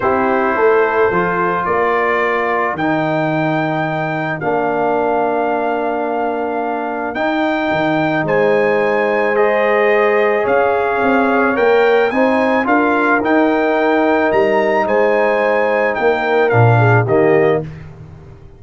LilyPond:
<<
  \new Staff \with { instrumentName = "trumpet" } { \time 4/4 \tempo 4 = 109 c''2. d''4~ | d''4 g''2. | f''1~ | f''4 g''2 gis''4~ |
gis''4 dis''2 f''4~ | f''4 g''4 gis''4 f''4 | g''2 ais''4 gis''4~ | gis''4 g''4 f''4 dis''4 | }
  \new Staff \with { instrumentName = "horn" } { \time 4/4 g'4 a'2 ais'4~ | ais'1~ | ais'1~ | ais'2. c''4~ |
c''2. cis''4~ | cis''2 c''4 ais'4~ | ais'2. c''4~ | c''4 ais'4. gis'8 g'4 | }
  \new Staff \with { instrumentName = "trombone" } { \time 4/4 e'2 f'2~ | f'4 dis'2. | d'1~ | d'4 dis'2.~ |
dis'4 gis'2.~ | gis'4 ais'4 dis'4 f'4 | dis'1~ | dis'2 d'4 ais4 | }
  \new Staff \with { instrumentName = "tuba" } { \time 4/4 c'4 a4 f4 ais4~ | ais4 dis2. | ais1~ | ais4 dis'4 dis4 gis4~ |
gis2. cis'4 | c'4 ais4 c'4 d'4 | dis'2 g4 gis4~ | gis4 ais4 ais,4 dis4 | }
>>